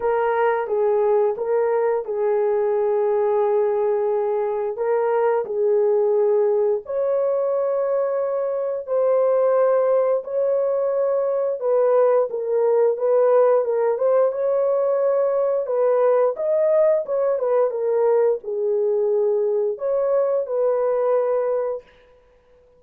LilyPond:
\new Staff \with { instrumentName = "horn" } { \time 4/4 \tempo 4 = 88 ais'4 gis'4 ais'4 gis'4~ | gis'2. ais'4 | gis'2 cis''2~ | cis''4 c''2 cis''4~ |
cis''4 b'4 ais'4 b'4 | ais'8 c''8 cis''2 b'4 | dis''4 cis''8 b'8 ais'4 gis'4~ | gis'4 cis''4 b'2 | }